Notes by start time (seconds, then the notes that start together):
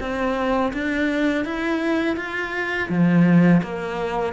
0.00 C4
0.73 D4
1.45 E4
2.17 F4
2.89 F3
3.63 A#3